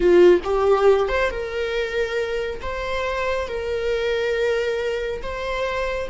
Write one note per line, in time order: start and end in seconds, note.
0.00 0.40 F4
0.43 1.08 G4
1.08 1.30 C5
1.30 2.60 A#4
2.62 3.48 C5
3.48 5.22 A#4
5.22 6.09 C5